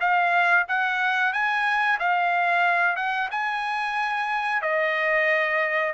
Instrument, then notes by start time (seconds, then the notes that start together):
trumpet
0.00 F5
0.68 F#5
1.32 G#5
1.99 F5
2.96 F#5
3.31 G#5
4.62 D#5